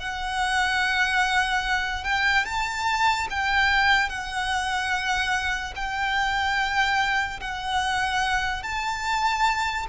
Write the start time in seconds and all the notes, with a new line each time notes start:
0.00 F#5
2.04 G5
2.45 A5
3.30 G5
4.09 F#5
5.76 G5
7.40 F#5
8.63 A5